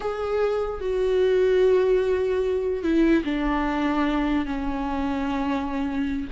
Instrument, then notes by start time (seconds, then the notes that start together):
viola
0.00 G#4
0.80 F#4
2.83 E4
3.24 D4
4.45 C#4